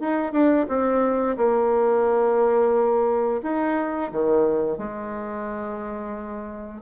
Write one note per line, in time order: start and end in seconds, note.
0.00 0.32 D#4
0.32 0.66 D4
0.68 1.37 C4
1.37 3.41 A#3
3.43 4.11 D#4
4.12 4.78 D#3
4.78 6.82 G#3